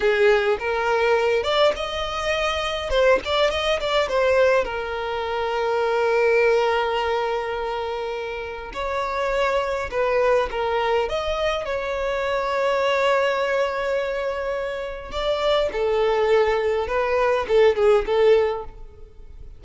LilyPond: \new Staff \with { instrumentName = "violin" } { \time 4/4 \tempo 4 = 103 gis'4 ais'4. d''8 dis''4~ | dis''4 c''8 d''8 dis''8 d''8 c''4 | ais'1~ | ais'2. cis''4~ |
cis''4 b'4 ais'4 dis''4 | cis''1~ | cis''2 d''4 a'4~ | a'4 b'4 a'8 gis'8 a'4 | }